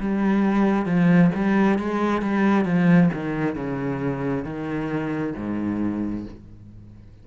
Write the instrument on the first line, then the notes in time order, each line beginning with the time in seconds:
cello
0.00 G3
0.86 F3
1.35 G3
1.79 G#3
2.22 G3
2.65 F3
3.13 D#3
3.55 C#3
4.45 D#3
5.36 G#2